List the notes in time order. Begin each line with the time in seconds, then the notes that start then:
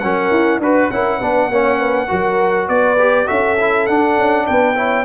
0.00 F#3 C#4 A#4 F#5
0.31 E4
0.59 D4 F#4 B4
0.91 C#4 E4 A#4 F#5
1.19 B3 D4 B4
1.48 A#3 C#4 C#5
1.79 B4
2.08 F#3 F#4 A#4
2.69 B3 B4 D5
2.99 G4
3.27 C#4 F#4 A4 E5
3.61 E4
3.87 D4 F#5
4.18 C#4
4.47 B3 B4 G5
4.76 E4 C#5